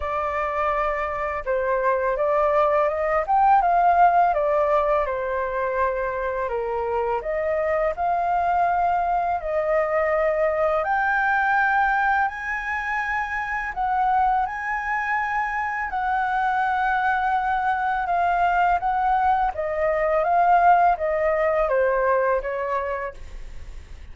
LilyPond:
\new Staff \with { instrumentName = "flute" } { \time 4/4 \tempo 4 = 83 d''2 c''4 d''4 | dis''8 g''8 f''4 d''4 c''4~ | c''4 ais'4 dis''4 f''4~ | f''4 dis''2 g''4~ |
g''4 gis''2 fis''4 | gis''2 fis''2~ | fis''4 f''4 fis''4 dis''4 | f''4 dis''4 c''4 cis''4 | }